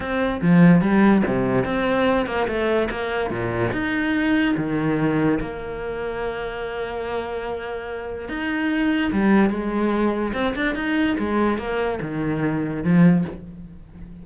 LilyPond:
\new Staff \with { instrumentName = "cello" } { \time 4/4 \tempo 4 = 145 c'4 f4 g4 c4 | c'4. ais8 a4 ais4 | ais,4 dis'2 dis4~ | dis4 ais2.~ |
ais1 | dis'2 g4 gis4~ | gis4 c'8 d'8 dis'4 gis4 | ais4 dis2 f4 | }